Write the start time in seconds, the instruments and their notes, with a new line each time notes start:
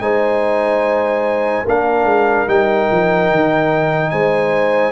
0.00 tuba G#3, trombone D#4, horn C5, trumpet G#5
1.65 tuba A#3, trombone D4, horn A#4, trumpet F5
2.04 tuba G#3
2.47 tuba G3, trombone D#4, trumpet G5
2.91 tuba F3
3.30 tuba D#3
4.10 tuba G#3, horn C5, trumpet G#5